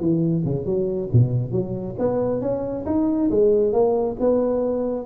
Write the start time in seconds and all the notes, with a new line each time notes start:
0.00 E3
0.45 C#3
0.65 F#3
1.13 B2
1.52 F#3
1.99 B3
2.41 C#4
2.86 D#4
3.30 G#3
3.72 A#3
4.20 B3